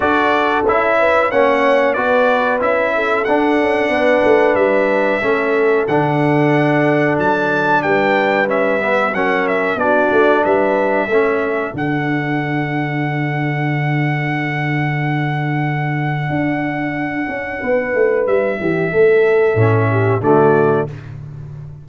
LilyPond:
<<
  \new Staff \with { instrumentName = "trumpet" } { \time 4/4 \tempo 4 = 92 d''4 e''4 fis''4 d''4 | e''4 fis''2 e''4~ | e''4 fis''2 a''4 | g''4 e''4 fis''8 e''8 d''4 |
e''2 fis''2~ | fis''1~ | fis''1 | e''2. d''4 | }
  \new Staff \with { instrumentName = "horn" } { \time 4/4 a'4. b'8 cis''4 b'4~ | b'8 a'4. b'2 | a'1 | b'2 ais'4 fis'4 |
b'4 a'2.~ | a'1~ | a'2. b'4~ | b'8 g'8 a'4. g'8 fis'4 | }
  \new Staff \with { instrumentName = "trombone" } { \time 4/4 fis'4 e'4 cis'4 fis'4 | e'4 d'2. | cis'4 d'2.~ | d'4 cis'8 b8 cis'4 d'4~ |
d'4 cis'4 d'2~ | d'1~ | d'1~ | d'2 cis'4 a4 | }
  \new Staff \with { instrumentName = "tuba" } { \time 4/4 d'4 cis'4 ais4 b4 | cis'4 d'8 cis'8 b8 a8 g4 | a4 d2 fis4 | g2 fis4 b8 a8 |
g4 a4 d2~ | d1~ | d4 d'4. cis'8 b8 a8 | g8 e8 a4 a,4 d4 | }
>>